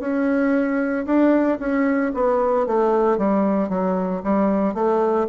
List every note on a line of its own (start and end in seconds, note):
0.00 1.05 C#4
1.06 1.58 D4
1.59 2.12 C#4
2.14 2.67 B3
2.67 3.18 A3
3.18 3.69 G3
3.69 4.22 F#3
4.23 4.74 G3
4.74 5.27 A3